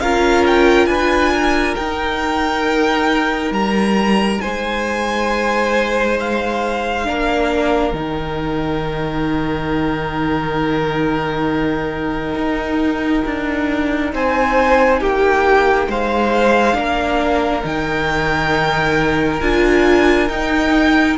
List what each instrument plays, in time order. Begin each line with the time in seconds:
0.00 cello C#4, viola F4, violin A#4 F5
0.47 violin G5
0.87 cello D4, violin B4 G#5
1.33 violin A#4
1.76 viola D#4, cello D#4, violin G5
3.51 cello G3, violin A#5
4.41 cello G#3, violin C5 G#5
6.20 violin F5
7.05 cello A#3, viola D4, violin A#4
7.93 cello D#3, viola D#4, violin G5
12.35 cello D#4
13.26 cello D4
14.13 cello C4, violin C5 G#5
15.00 cello A#3, violin G4 G5
15.88 cello G#3, violin C5 F5
16.73 cello A#3, viola D4, violin A#4
17.64 cello D#3, viola D#4, violin G5
19.41 cello D4, viola F4, violin G#5
20.29 viola D#4, cello D#4, violin G5